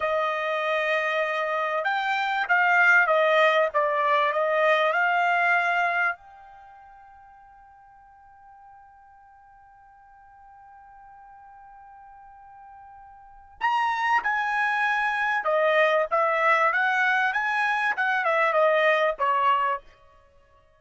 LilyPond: \new Staff \with { instrumentName = "trumpet" } { \time 4/4 \tempo 4 = 97 dis''2. g''4 | f''4 dis''4 d''4 dis''4 | f''2 g''2~ | g''1~ |
g''1~ | g''2 ais''4 gis''4~ | gis''4 dis''4 e''4 fis''4 | gis''4 fis''8 e''8 dis''4 cis''4 | }